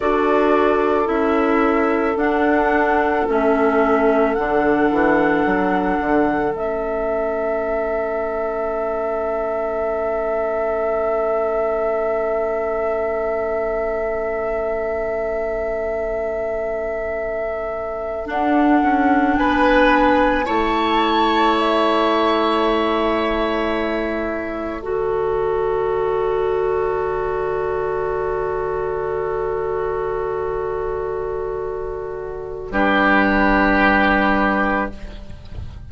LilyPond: <<
  \new Staff \with { instrumentName = "flute" } { \time 4/4 \tempo 4 = 55 d''4 e''4 fis''4 e''4 | fis''2 e''2~ | e''1~ | e''1~ |
e''8. fis''4 gis''4 a''4 e''16~ | e''2~ e''8. d''4~ d''16~ | d''1~ | d''2 b'2 | }
  \new Staff \with { instrumentName = "oboe" } { \time 4/4 a'1~ | a'1~ | a'1~ | a'1~ |
a'4.~ a'16 b'4 cis''4~ cis''16~ | cis''2~ cis''8. a'4~ a'16~ | a'1~ | a'2 g'2 | }
  \new Staff \with { instrumentName = "clarinet" } { \time 4/4 fis'4 e'4 d'4 cis'4 | d'2 cis'2~ | cis'1~ | cis'1~ |
cis'8. d'2 e'4~ e'16~ | e'2~ e'8. fis'4~ fis'16~ | fis'1~ | fis'2 d'2 | }
  \new Staff \with { instrumentName = "bassoon" } { \time 4/4 d'4 cis'4 d'4 a4 | d8 e8 fis8 d8 a2~ | a1~ | a1~ |
a8. d'8 cis'8 b4 a4~ a16~ | a2~ a8. d4~ d16~ | d1~ | d2 g2 | }
>>